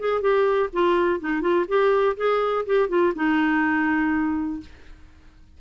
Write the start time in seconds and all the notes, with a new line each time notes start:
0.00 G#4
0.22 G4
0.73 F4
1.21 D#4
1.42 F4
1.69 G4
2.17 G#4
2.66 G4
2.89 F4
3.16 D#4